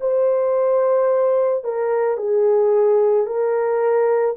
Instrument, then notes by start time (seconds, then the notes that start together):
horn
0.00 C5
1.64 A#4
2.17 G#4
3.26 A#4